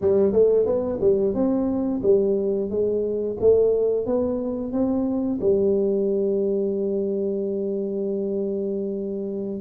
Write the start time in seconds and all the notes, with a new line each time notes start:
0.01 G3
0.32 A3
0.66 B3
1.01 G3
1.34 C4
2.02 G3
2.70 G#3
3.40 A3
4.06 B3
4.72 C4
5.41 G3